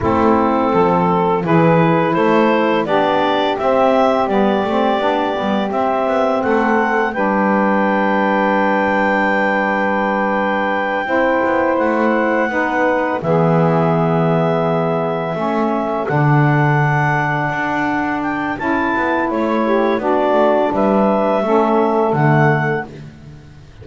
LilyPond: <<
  \new Staff \with { instrumentName = "clarinet" } { \time 4/4 \tempo 4 = 84 a'2 b'4 c''4 | d''4 e''4 d''2 | e''4 fis''4 g''2~ | g''1~ |
g''8 fis''2 e''4.~ | e''2~ e''8 fis''4.~ | fis''4. g''8 a''4 cis''4 | d''4 e''2 fis''4 | }
  \new Staff \with { instrumentName = "saxophone" } { \time 4/4 e'4 a'4 gis'4 a'4 | g'1~ | g'4 a'4 b'2~ | b'2.~ b'8 c''8~ |
c''4. b'4 gis'4.~ | gis'4. a'2~ a'8~ | a'2.~ a'8 g'8 | fis'4 b'4 a'2 | }
  \new Staff \with { instrumentName = "saxophone" } { \time 4/4 c'2 e'2 | d'4 c'4 b8 c'8 d'8 b8 | c'2 d'2~ | d'2.~ d'8 e'8~ |
e'4. dis'4 b4.~ | b4. cis'4 d'4.~ | d'2 e'2 | d'2 cis'4 a4 | }
  \new Staff \with { instrumentName = "double bass" } { \time 4/4 a4 f4 e4 a4 | b4 c'4 g8 a8 b8 g8 | c'8 b8 a4 g2~ | g2.~ g8 c'8 |
b8 a4 b4 e4.~ | e4. a4 d4.~ | d8 d'4. cis'8 b8 a4 | b8 a8 g4 a4 d4 | }
>>